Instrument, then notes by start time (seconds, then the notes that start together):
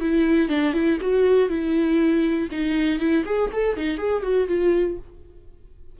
viola
0.00 E4
0.49 D4
0.73 E4
1.01 F#4
1.49 E4
2.51 D#4
2.99 E4
3.25 G#4
3.52 A4
3.77 D#4
3.97 G#4
4.22 F#4
4.47 F4